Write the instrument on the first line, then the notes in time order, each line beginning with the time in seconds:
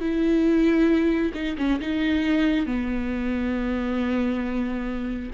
viola
0.00 E4
1.34 D#4
1.58 C#4
1.80 D#4
2.66 B3